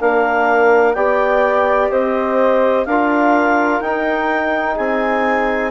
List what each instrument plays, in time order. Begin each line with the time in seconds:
0.00 bassoon A#3, trombone D4, flute A#4, clarinet F5
0.93 bassoon B3, trombone G4, flute D5, clarinet G5
1.91 bassoon C4, flute C5, clarinet D#5
2.86 bassoon D4, trombone F4, flute A#4, clarinet F5
3.81 bassoon D#4, trombone D#4, clarinet G5
4.75 bassoon C4, flute G#4, clarinet G#5